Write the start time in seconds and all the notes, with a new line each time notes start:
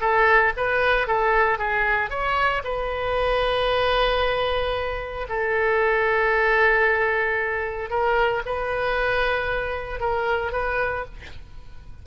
0.00 A4
0.56 B4
1.07 A4
1.58 G#4
2.10 C#5
2.64 B4
5.28 A4
7.89 A#4
8.45 B4
10.00 A#4
10.52 B4